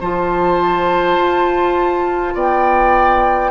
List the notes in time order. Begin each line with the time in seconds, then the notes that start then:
0.00 F3 F4 C5 A5
1.17 F4
2.34 B3 D5 G5